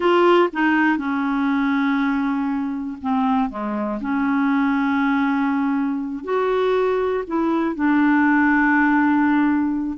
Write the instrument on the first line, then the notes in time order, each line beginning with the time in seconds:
clarinet
0.00 F4
0.52 D#4
0.97 C#4
3.01 C4
3.49 G#3
4.00 C#4
6.24 F#4
7.27 E4
7.75 D4